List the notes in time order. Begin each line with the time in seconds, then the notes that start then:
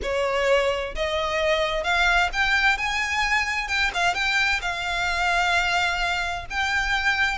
0.02 C#5
0.95 D#5
1.83 F5
2.32 G5
2.77 G#5
3.68 G5
3.94 F5
4.14 G5
4.61 F5
6.50 G5